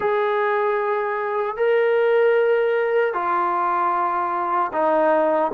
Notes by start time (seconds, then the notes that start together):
0.00 G#4
1.56 A#4
3.13 F4
4.72 D#4